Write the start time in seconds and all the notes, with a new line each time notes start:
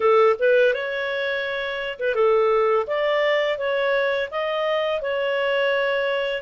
0.00 A4
0.39 B4
0.73 C#5
1.99 B4
2.15 A4
2.86 D5
3.57 C#5
4.31 D#5
5.01 C#5